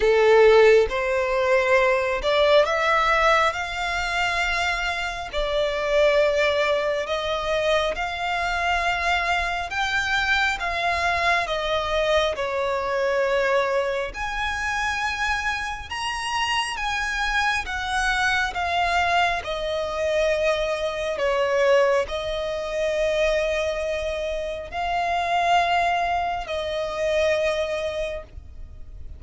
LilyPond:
\new Staff \with { instrumentName = "violin" } { \time 4/4 \tempo 4 = 68 a'4 c''4. d''8 e''4 | f''2 d''2 | dis''4 f''2 g''4 | f''4 dis''4 cis''2 |
gis''2 ais''4 gis''4 | fis''4 f''4 dis''2 | cis''4 dis''2. | f''2 dis''2 | }